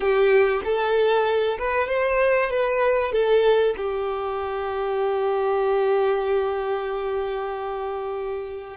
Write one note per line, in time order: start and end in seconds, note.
0.00 0.61 G4
0.64 1.58 A4
1.58 1.88 B4
1.88 2.50 C5
2.50 3.12 B4
3.12 3.75 A4
3.76 8.76 G4